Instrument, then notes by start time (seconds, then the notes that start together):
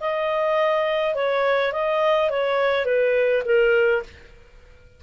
clarinet
0.00 D#5
1.15 C#5
1.72 D#5
2.30 C#5
2.85 B4
3.45 A#4